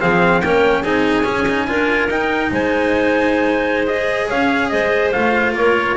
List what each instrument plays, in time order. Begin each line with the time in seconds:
0.00 double bass F3, cello C4, clarinet G#4, trumpet F5
0.42 double bass A#3, cello C#4, clarinet A#4, trumpet G5
0.82 double bass C4, cello D#4, clarinet G#4, trumpet G#5
1.24 cello C#4, double bass C#4
1.49 cello D#4
1.68 double bass D4, cello F4, clarinet A#4
2.09 double bass D#4, cello D#4, trumpet G5
2.52 double bass G#3, clarinet C5, trumpet G#5
3.87 cello G#4, trumpet D#5
4.30 double bass C#4, clarinet C#5, trumpet F5
4.69 double bass G#3, clarinet C5, trumpet D#5
5.13 double bass A3, cello F4, trumpet F5
5.53 double bass A#3, clarinet A#4, trumpet C#5